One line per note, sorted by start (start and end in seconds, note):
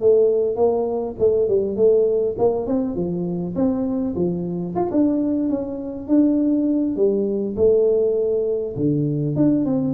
0.00 0.56 A3
0.56 1.15 A#3
1.19 1.48 A3
1.48 1.76 G3
1.76 2.35 A3
2.38 2.67 A#3
2.67 2.95 C4
2.95 3.54 F3
3.55 4.14 C4
4.15 4.74 F3
4.75 4.90 F4
4.91 5.49 D4
5.49 6.07 C#4
6.07 6.96 D4
6.96 7.55 G3
7.56 8.75 A3
8.76 9.35 D3
9.35 9.65 D4
9.65 9.93 C4